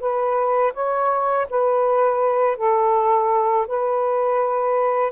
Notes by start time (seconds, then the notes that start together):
0.00 B4
0.74 C#5
1.50 B4
2.57 A4
3.68 B4